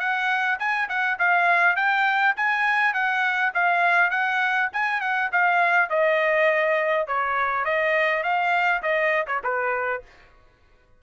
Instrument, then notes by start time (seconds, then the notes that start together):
trumpet
0.00 F#5
0.59 G#5
0.89 F#5
1.19 F5
1.76 G5
2.37 G#5
2.94 F#5
3.54 F5
4.11 F#5
4.73 G#5
5.01 F#5
5.32 F5
5.90 D#5
7.08 C#5
7.65 D#5
8.24 F5
8.83 D#5
9.27 C#5
9.44 B4